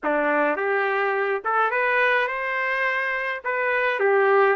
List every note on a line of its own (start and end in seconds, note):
0.03 0.56 D4
0.56 1.42 G4
1.44 1.70 A4
1.70 2.27 B4
2.27 3.41 C5
3.44 3.99 B4
3.99 4.56 G4